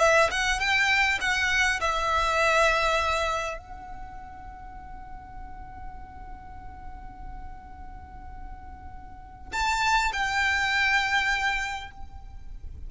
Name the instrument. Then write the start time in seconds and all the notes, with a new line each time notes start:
violin
0.00 E5
0.31 F#5
0.60 G5
1.21 F#5
1.81 E5
3.58 F#5
9.53 A5
10.13 G5